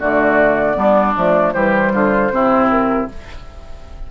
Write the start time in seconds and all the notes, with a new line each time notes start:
0.00 D3 A3 F#4 D5
0.74 G3 B3 D4
1.17 F3 A3
1.53 E3 G3 G4 C5
1.93 D3 F4
2.31 C3 C4 E4
2.70 A#4